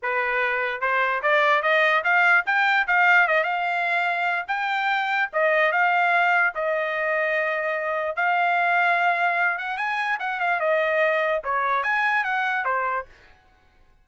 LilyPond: \new Staff \with { instrumentName = "trumpet" } { \time 4/4 \tempo 4 = 147 b'2 c''4 d''4 | dis''4 f''4 g''4 f''4 | dis''8 f''2~ f''8 g''4~ | g''4 dis''4 f''2 |
dis''1 | f''2.~ f''8 fis''8 | gis''4 fis''8 f''8 dis''2 | cis''4 gis''4 fis''4 c''4 | }